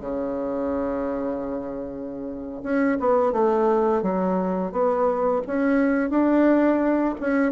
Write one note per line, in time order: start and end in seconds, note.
0.00 2.62 C#3
2.63 2.98 C#4
2.99 3.32 B3
3.32 4.02 A3
4.02 4.72 F#3
4.72 5.41 B3
5.46 6.10 C#4
6.10 7.14 D4
7.20 7.52 C#4